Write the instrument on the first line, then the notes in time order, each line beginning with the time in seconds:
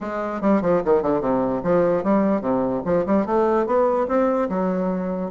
bassoon
0.00 G#3
0.41 G3
0.61 F3
0.84 D#3
1.02 D3
1.20 C3
1.63 F3
2.03 G3
2.41 C3
2.85 F3
3.06 G3
3.25 A3
3.66 B3
4.08 C4
4.49 F#3